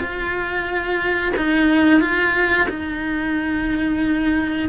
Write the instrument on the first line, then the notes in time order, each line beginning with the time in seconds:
cello
0.00 F4
1.37 D#4
2.01 F4
2.69 D#4